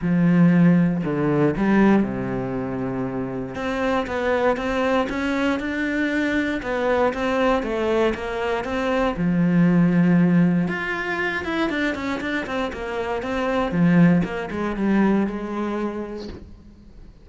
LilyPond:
\new Staff \with { instrumentName = "cello" } { \time 4/4 \tempo 4 = 118 f2 d4 g4 | c2. c'4 | b4 c'4 cis'4 d'4~ | d'4 b4 c'4 a4 |
ais4 c'4 f2~ | f4 f'4. e'8 d'8 cis'8 | d'8 c'8 ais4 c'4 f4 | ais8 gis8 g4 gis2 | }